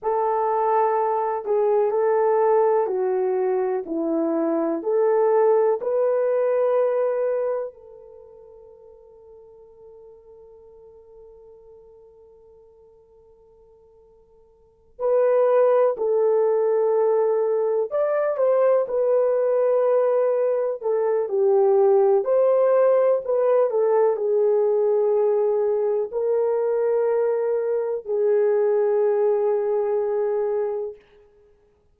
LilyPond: \new Staff \with { instrumentName = "horn" } { \time 4/4 \tempo 4 = 62 a'4. gis'8 a'4 fis'4 | e'4 a'4 b'2 | a'1~ | a'2.~ a'8 b'8~ |
b'8 a'2 d''8 c''8 b'8~ | b'4. a'8 g'4 c''4 | b'8 a'8 gis'2 ais'4~ | ais'4 gis'2. | }